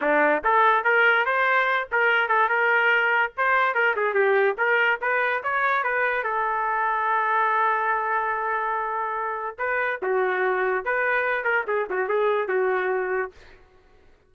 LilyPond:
\new Staff \with { instrumentName = "trumpet" } { \time 4/4 \tempo 4 = 144 d'4 a'4 ais'4 c''4~ | c''8 ais'4 a'8 ais'2 | c''4 ais'8 gis'8 g'4 ais'4 | b'4 cis''4 b'4 a'4~ |
a'1~ | a'2. b'4 | fis'2 b'4. ais'8 | gis'8 fis'8 gis'4 fis'2 | }